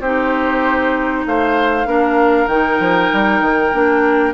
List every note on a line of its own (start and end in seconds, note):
0.00 1.24 C4
0.00 1.86 D#4
0.00 1.25 G4
0.00 1.25 C5
1.26 1.86 A3
1.26 1.88 C5
1.26 2.48 F5
1.86 2.47 A#3
1.86 2.48 D4
1.86 4.34 A#4
2.47 2.78 D#3
2.47 3.73 D#4
2.47 4.33 G5
2.79 3.10 F3
3.13 3.41 G3
3.41 3.72 D#3
3.73 4.34 A#3
3.73 4.34 D4